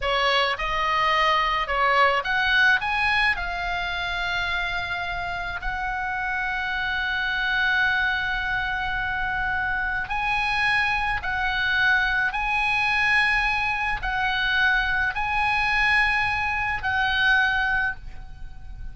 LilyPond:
\new Staff \with { instrumentName = "oboe" } { \time 4/4 \tempo 4 = 107 cis''4 dis''2 cis''4 | fis''4 gis''4 f''2~ | f''2 fis''2~ | fis''1~ |
fis''2 gis''2 | fis''2 gis''2~ | gis''4 fis''2 gis''4~ | gis''2 fis''2 | }